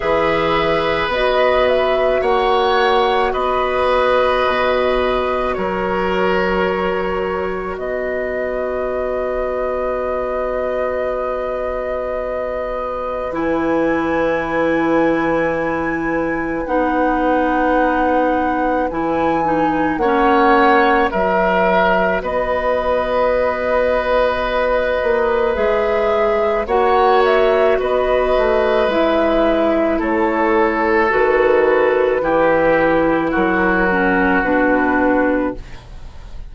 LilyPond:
<<
  \new Staff \with { instrumentName = "flute" } { \time 4/4 \tempo 4 = 54 e''4 dis''8 e''8 fis''4 dis''4~ | dis''4 cis''2 dis''4~ | dis''1 | gis''2. fis''4~ |
fis''4 gis''4 fis''4 e''4 | dis''2. e''4 | fis''8 e''8 dis''4 e''4 cis''4 | b'2 ais'4 b'4 | }
  \new Staff \with { instrumentName = "oboe" } { \time 4/4 b'2 cis''4 b'4~ | b'4 ais'2 b'4~ | b'1~ | b'1~ |
b'2 cis''4 ais'4 | b'1 | cis''4 b'2 a'4~ | a'4 g'4 fis'2 | }
  \new Staff \with { instrumentName = "clarinet" } { \time 4/4 gis'4 fis'2.~ | fis'1~ | fis'1 | e'2. dis'4~ |
dis'4 e'8 dis'8 cis'4 fis'4~ | fis'2. gis'4 | fis'2 e'2 | fis'4 e'4. cis'8 d'4 | }
  \new Staff \with { instrumentName = "bassoon" } { \time 4/4 e4 b4 ais4 b4 | b,4 fis2 b4~ | b1 | e2. b4~ |
b4 e4 ais4 fis4 | b2~ b8 ais8 gis4 | ais4 b8 a8 gis4 a4 | dis4 e4 fis4 b,4 | }
>>